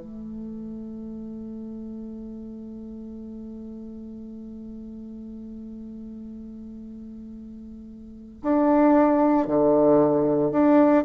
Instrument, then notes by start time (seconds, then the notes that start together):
bassoon
0.00 A3
8.42 D4
9.47 D3
10.52 D4